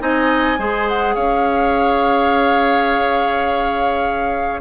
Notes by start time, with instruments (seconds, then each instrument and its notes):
0.00 bassoon C4, clarinet D#4, oboe D#5, flute G#5
0.58 bassoon G#3, clarinet G#4, oboe C5
0.88 flute F#5
1.15 bassoon C#4, oboe C#5, flute F5